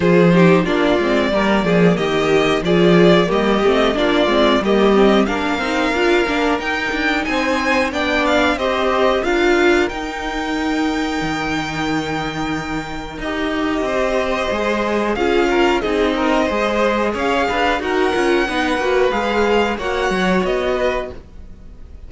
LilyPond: <<
  \new Staff \with { instrumentName = "violin" } { \time 4/4 \tempo 4 = 91 c''4 d''2 dis''4 | d''4 dis''4 d''4 dis''4 | f''2 g''4 gis''4 | g''8 f''8 dis''4 f''4 g''4~ |
g''1 | dis''2. f''4 | dis''2 f''4 fis''4~ | fis''4 f''4 fis''4 dis''4 | }
  \new Staff \with { instrumentName = "violin" } { \time 4/4 gis'8 g'8 f'4 ais'8 gis'8 g'4 | gis'4 g'4 f'4 g'4 | ais'2. c''4 | d''4 c''4 ais'2~ |
ais'1~ | ais'4 c''2 gis'8 ais'8 | gis'8 ais'8 c''4 cis''8 b'8 ais'4 | b'2 cis''4. b'8 | }
  \new Staff \with { instrumentName = "viola" } { \time 4/4 f'8 dis'8 d'8 c'8 ais2 | f'4 ais8 c'8 d'8 c'8 ais8 c'8 | d'8 dis'8 f'8 d'8 dis'2 | d'4 g'4 f'4 dis'4~ |
dis'1 | g'2 gis'4 f'4 | dis'4 gis'2 fis'8 f'8 | dis'8 fis'8 gis'4 fis'2 | }
  \new Staff \with { instrumentName = "cello" } { \time 4/4 f4 ais8 gis8 g8 f8 dis4 | f4 g8 a8 ais8 gis8 g4 | ais8 c'8 d'8 ais8 dis'8 d'8 c'4 | b4 c'4 d'4 dis'4~ |
dis'4 dis2. | dis'4 c'4 gis4 cis'4 | c'4 gis4 cis'8 d'8 dis'8 cis'8 | b8 ais8 gis4 ais8 fis8 b4 | }
>>